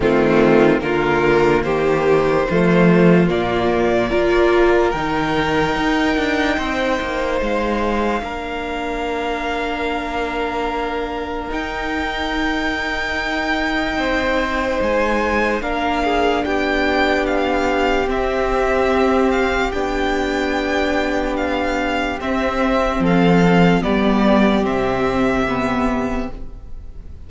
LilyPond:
<<
  \new Staff \with { instrumentName = "violin" } { \time 4/4 \tempo 4 = 73 f'4 ais'4 c''2 | d''2 g''2~ | g''4 f''2.~ | f''2 g''2~ |
g''2 gis''4 f''4 | g''4 f''4 e''4. f''8 | g''2 f''4 e''4 | f''4 d''4 e''2 | }
  \new Staff \with { instrumentName = "violin" } { \time 4/4 c'4 f'4 g'4 f'4~ | f'4 ais'2. | c''2 ais'2~ | ais'1~ |
ais'4 c''2 ais'8 gis'8 | g'1~ | g'1 | a'4 g'2. | }
  \new Staff \with { instrumentName = "viola" } { \time 4/4 a4 ais2 a4 | ais4 f'4 dis'2~ | dis'2 d'2~ | d'2 dis'2~ |
dis'2. d'4~ | d'2 c'2 | d'2. c'4~ | c'4 b4 c'4 b4 | }
  \new Staff \with { instrumentName = "cello" } { \time 4/4 dis4 d4 dis4 f4 | ais,4 ais4 dis4 dis'8 d'8 | c'8 ais8 gis4 ais2~ | ais2 dis'2~ |
dis'4 c'4 gis4 ais4 | b2 c'2 | b2. c'4 | f4 g4 c2 | }
>>